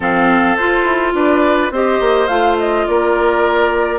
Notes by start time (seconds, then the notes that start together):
0.00 F3 C4 A4 F5
0.56 F4 C5
0.83 E4
1.13 D4 B4 D5
1.70 C4 G4 C5 D#5
2.00 A#3
2.27 A3 F4 F5
2.58 D#5
2.86 A#3 A#4 D5